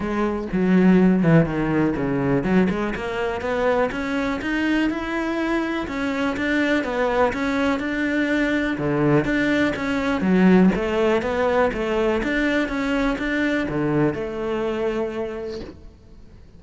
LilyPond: \new Staff \with { instrumentName = "cello" } { \time 4/4 \tempo 4 = 123 gis4 fis4. e8 dis4 | cis4 fis8 gis8 ais4 b4 | cis'4 dis'4 e'2 | cis'4 d'4 b4 cis'4 |
d'2 d4 d'4 | cis'4 fis4 a4 b4 | a4 d'4 cis'4 d'4 | d4 a2. | }